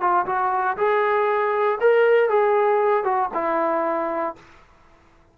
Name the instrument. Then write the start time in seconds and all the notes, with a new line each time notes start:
trombone
0.00 F4
0.26 F#4
0.77 G#4
1.80 A#4
2.29 G#4
3.03 F#4
3.34 E4